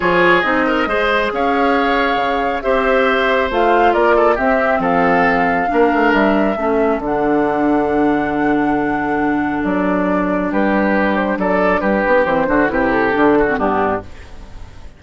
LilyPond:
<<
  \new Staff \with { instrumentName = "flute" } { \time 4/4 \tempo 4 = 137 cis''4 dis''2 f''4~ | f''2 e''2 | f''4 d''4 e''4 f''4~ | f''2 e''2 |
fis''1~ | fis''2 d''2 | b'4. c''8 d''4 b'4 | c''4 b'8 a'4. g'4 | }
  \new Staff \with { instrumentName = "oboe" } { \time 4/4 gis'4. ais'8 c''4 cis''4~ | cis''2 c''2~ | c''4 ais'8 a'8 g'4 a'4~ | a'4 ais'2 a'4~ |
a'1~ | a'1 | g'2 a'4 g'4~ | g'8 fis'8 g'4. fis'8 d'4 | }
  \new Staff \with { instrumentName = "clarinet" } { \time 4/4 f'4 dis'4 gis'2~ | gis'2 g'2 | f'2 c'2~ | c'4 d'2 cis'4 |
d'1~ | d'1~ | d'1 | c'8 d'8 e'4 d'8. c'16 b4 | }
  \new Staff \with { instrumentName = "bassoon" } { \time 4/4 f4 c'4 gis4 cis'4~ | cis'4 cis4 c'2 | a4 ais4 c'4 f4~ | f4 ais8 a8 g4 a4 |
d1~ | d2 fis2 | g2 fis4 g8 b8 | e8 d8 c4 d4 g,4 | }
>>